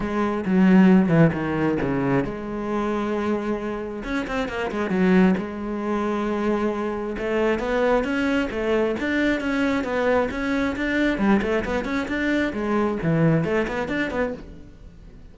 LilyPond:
\new Staff \with { instrumentName = "cello" } { \time 4/4 \tempo 4 = 134 gis4 fis4. e8 dis4 | cis4 gis2.~ | gis4 cis'8 c'8 ais8 gis8 fis4 | gis1 |
a4 b4 cis'4 a4 | d'4 cis'4 b4 cis'4 | d'4 g8 a8 b8 cis'8 d'4 | gis4 e4 a8 b8 d'8 b8 | }